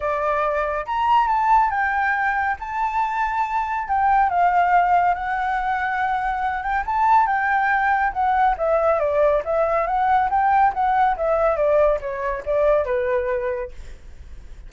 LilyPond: \new Staff \with { instrumentName = "flute" } { \time 4/4 \tempo 4 = 140 d''2 ais''4 a''4 | g''2 a''2~ | a''4 g''4 f''2 | fis''2.~ fis''8 g''8 |
a''4 g''2 fis''4 | e''4 d''4 e''4 fis''4 | g''4 fis''4 e''4 d''4 | cis''4 d''4 b'2 | }